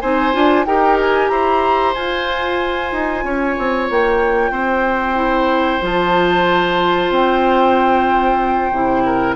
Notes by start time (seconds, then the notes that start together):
0.00 C4 D#4 C5 G#5
0.33 D4 F4
0.65 D#4 G4 A#4 G5
1.00 G#5
1.28 E4 C5 A#5
1.94 F4 G#5
2.92 D#4
3.23 C#4 C#5
3.58 C4
3.90 A#3 G5
4.51 C4 C5
5.15 E4
5.81 F3 F4 A5
7.10 C4 G5
8.71 C3 E4
9.05 A#4